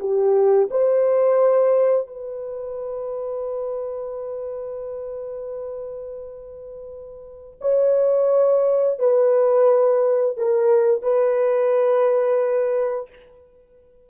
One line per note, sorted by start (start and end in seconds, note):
0.00 0.69 G4
0.71 2.07 C5
2.07 7.59 B4
7.61 8.99 C#5
8.99 10.37 B4
10.37 11.03 A#4
11.03 13.09 B4